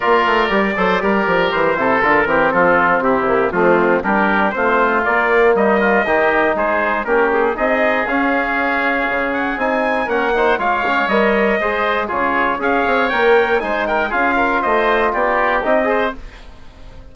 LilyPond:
<<
  \new Staff \with { instrumentName = "trumpet" } { \time 4/4 \tempo 4 = 119 d''2. c''4 | ais'4 a'4 g'4 f'4 | ais'4 c''4 d''4 dis''4~ | dis''4 c''4 ais'8 gis'8 dis''4 |
f''2~ f''8 fis''8 gis''4 | fis''4 f''4 dis''2 | cis''4 f''4 g''4 gis''8 g''8 | f''4 dis''4 d''4 dis''4 | }
  \new Staff \with { instrumentName = "oboe" } { \time 4/4 ais'4. c''8 ais'4. a'8~ | a'8 g'8 f'4 e'4 c'4 | g'4 f'2 dis'8 f'8 | g'4 gis'4 g'4 gis'4~ |
gis'1 | ais'8 c''8 cis''2 c''4 | gis'4 cis''2 c''8 ais'8 | gis'8 ais'8 c''4 g'4. c''8 | }
  \new Staff \with { instrumentName = "trombone" } { \time 4/4 f'4 g'8 a'8 g'4. e'8 | f'8 c'2 ais8 a4 | d'4 c'4 ais2 | dis'2 cis'4 dis'4 |
cis'2. dis'4 | cis'8 dis'8 f'8 cis'8 ais'4 gis'4 | f'4 gis'4 ais'4 dis'4 | f'2. dis'8 gis'8 | }
  \new Staff \with { instrumentName = "bassoon" } { \time 4/4 ais8 a8 g8 fis8 g8 f8 e8 c8 | d8 e8 f4 c4 f4 | g4 a4 ais4 g4 | dis4 gis4 ais4 c'4 |
cis'2 cis4 c'4 | ais4 gis4 g4 gis4 | cis4 cis'8 c'8 ais4 gis4 | cis'4 a4 b4 c'4 | }
>>